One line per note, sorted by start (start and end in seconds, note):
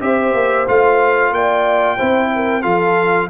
0.00 0.34 C4
0.00 0.66 G4
0.00 1.34 C5
0.00 0.67 E5
0.34 0.67 A#3
0.68 1.31 A3
0.68 1.98 F4
0.68 1.33 F5
1.31 1.97 A#3
1.31 1.97 D5
1.31 2.62 G5
1.97 2.64 C4
1.97 2.62 E4
1.97 2.30 C5
2.35 2.62 A#4
2.62 3.30 F3
2.62 3.28 F4
2.62 3.28 A4
2.62 3.28 F5